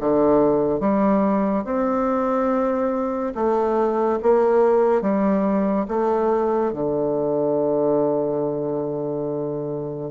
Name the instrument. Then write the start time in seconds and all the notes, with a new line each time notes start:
bassoon
0.00 D3
0.80 G3
1.64 C4
3.35 A3
4.23 A#3
5.02 G3
5.88 A3
6.73 D3